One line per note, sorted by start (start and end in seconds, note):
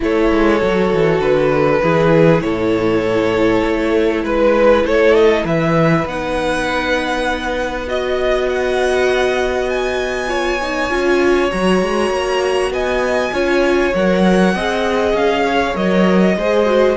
0.00 0.31 A3
0.00 0.58 E4
0.00 1.82 A4
0.00 1.21 C#5
0.31 0.61 G#3
0.58 0.92 F#3
0.58 1.80 F#4
0.92 1.20 E3
1.20 1.80 D3
1.20 2.41 B4
1.82 2.41 E3
1.82 6.07 E4
1.82 2.43 G#4
2.41 3.62 A2
2.41 4.23 A4
2.41 4.23 C#5
3.64 4.23 A3
4.23 4.84 G#3
4.23 4.84 B4
4.23 4.86 B4
4.84 5.44 A3
4.84 5.44 A4
4.84 5.15 C#5
5.15 5.45 D#5
5.44 6.04 E3
5.44 7.86 B4
5.44 6.07 E5
6.05 10.90 B3
6.05 7.87 D#4
6.05 7.88 F#5
7.87 10.27 F#4
7.87 8.49 D#5
7.87 10.29 D#5
8.49 9.69 F#5
9.69 11.51 G#5
10.27 10.58 F4
10.27 12.71 C#5
10.62 10.90 D#4
10.90 11.51 C#4
10.90 11.50 F4
11.51 11.81 F#3
11.51 13.33 F#4
11.51 12.72 A#5
11.81 12.10 G#3
12.10 12.70 A#3
12.70 13.31 B3
12.70 13.33 D#5
12.70 13.94 G#5
13.32 13.93 C#4
13.32 13.93 F4
13.32 14.54 C#5
13.94 14.54 F#3
13.94 14.55 A#4
13.94 15.16 F#5
14.54 15.13 C4
14.54 15.74 G#4
14.54 15.45 D#5
15.13 15.73 C#4
15.13 15.76 F5
15.45 16.36 C#5
15.74 16.36 F#3
15.74 16.35 A#4
15.74 16.96 D#5
16.36 16.96 G#3
16.36 16.65 G#4
16.36 16.96 C5
16.65 16.96 F#4